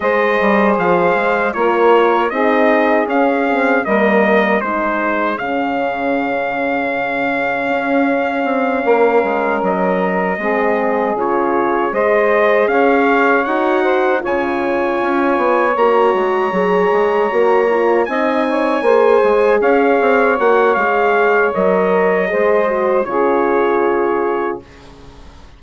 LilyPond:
<<
  \new Staff \with { instrumentName = "trumpet" } { \time 4/4 \tempo 4 = 78 dis''4 f''4 cis''4 dis''4 | f''4 dis''4 c''4 f''4~ | f''1~ | f''8 dis''2 cis''4 dis''8~ |
dis''8 f''4 fis''4 gis''4.~ | gis''8 ais''2. gis''8~ | gis''4. f''4 fis''8 f''4 | dis''2 cis''2 | }
  \new Staff \with { instrumentName = "saxophone" } { \time 4/4 c''2 ais'4 gis'4~ | gis'4 ais'4 gis'2~ | gis'2.~ gis'8 ais'8~ | ais'4. gis'2 c''8~ |
c''8 cis''4. c''8 cis''4.~ | cis''2.~ cis''8 dis''8 | cis''8 c''4 cis''2~ cis''8~ | cis''4 c''4 gis'2 | }
  \new Staff \with { instrumentName = "horn" } { \time 4/4 gis'2 f'4 dis'4 | cis'8 c'8 ais4 dis'4 cis'4~ | cis'1~ | cis'4. c'4 f'4 gis'8~ |
gis'4. fis'4 f'4.~ | f'8 fis'4 gis'4 fis'8 f'8 dis'8~ | dis'8 gis'2 fis'8 gis'4 | ais'4 gis'8 fis'8 f'2 | }
  \new Staff \with { instrumentName = "bassoon" } { \time 4/4 gis8 g8 f8 gis8 ais4 c'4 | cis'4 g4 gis4 cis4~ | cis2 cis'4 c'8 ais8 | gis8 fis4 gis4 cis4 gis8~ |
gis8 cis'4 dis'4 cis4 cis'8 | b8 ais8 gis8 fis8 gis8 ais4 c'8~ | c'8 ais8 gis8 cis'8 c'8 ais8 gis4 | fis4 gis4 cis2 | }
>>